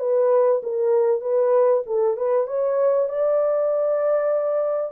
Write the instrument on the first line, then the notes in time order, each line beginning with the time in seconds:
horn
0.00 B4
0.64 A#4
1.22 B4
1.87 A4
2.18 B4
2.47 C#5
3.10 D5